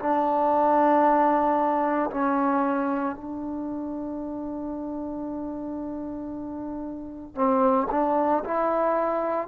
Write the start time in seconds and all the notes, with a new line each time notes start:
0.00 D4
2.11 C#4
3.16 D4
7.35 C4
7.91 D4
8.45 E4